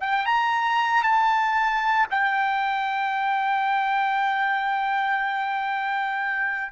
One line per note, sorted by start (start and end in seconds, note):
0.00 0.25 G5
0.25 1.03 A#5
1.03 2.06 A5
2.10 6.72 G5